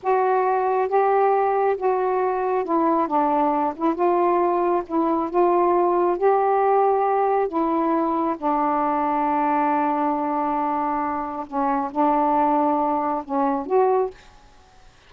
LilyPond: \new Staff \with { instrumentName = "saxophone" } { \time 4/4 \tempo 4 = 136 fis'2 g'2 | fis'2 e'4 d'4~ | d'8 e'8 f'2 e'4 | f'2 g'2~ |
g'4 e'2 d'4~ | d'1~ | d'2 cis'4 d'4~ | d'2 cis'4 fis'4 | }